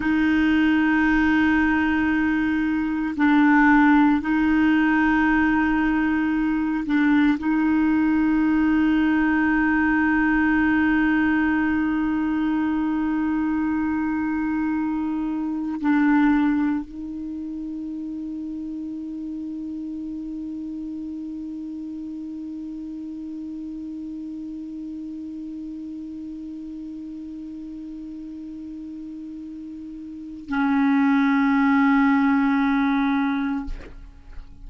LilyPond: \new Staff \with { instrumentName = "clarinet" } { \time 4/4 \tempo 4 = 57 dis'2. d'4 | dis'2~ dis'8 d'8 dis'4~ | dis'1~ | dis'2. d'4 |
dis'1~ | dis'1~ | dis'1~ | dis'4 cis'2. | }